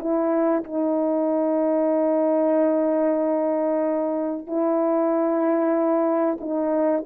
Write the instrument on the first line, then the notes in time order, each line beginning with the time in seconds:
horn
0.00 E4
0.64 D#4
4.47 E4
6.41 D#4